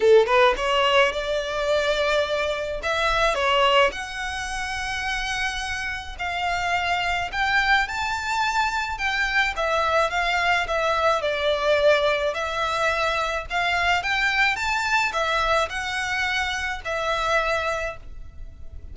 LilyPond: \new Staff \with { instrumentName = "violin" } { \time 4/4 \tempo 4 = 107 a'8 b'8 cis''4 d''2~ | d''4 e''4 cis''4 fis''4~ | fis''2. f''4~ | f''4 g''4 a''2 |
g''4 e''4 f''4 e''4 | d''2 e''2 | f''4 g''4 a''4 e''4 | fis''2 e''2 | }